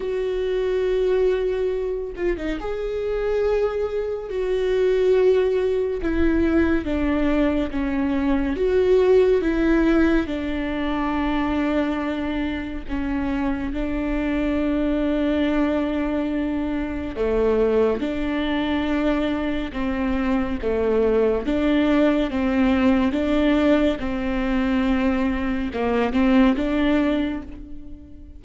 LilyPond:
\new Staff \with { instrumentName = "viola" } { \time 4/4 \tempo 4 = 70 fis'2~ fis'8 f'16 dis'16 gis'4~ | gis'4 fis'2 e'4 | d'4 cis'4 fis'4 e'4 | d'2. cis'4 |
d'1 | a4 d'2 c'4 | a4 d'4 c'4 d'4 | c'2 ais8 c'8 d'4 | }